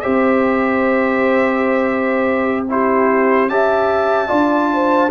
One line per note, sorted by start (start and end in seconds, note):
0.00 3.48 C4
0.00 2.66 G4
0.00 2.66 C5
0.00 2.64 E5
2.68 3.49 E4
2.68 3.51 G4
2.68 3.49 C5
3.48 4.29 C#4
3.48 4.28 G4
3.48 4.28 E5
3.48 5.10 A5
4.28 5.10 D4
4.28 5.09 F4
4.28 4.68 D5
4.72 5.10 C5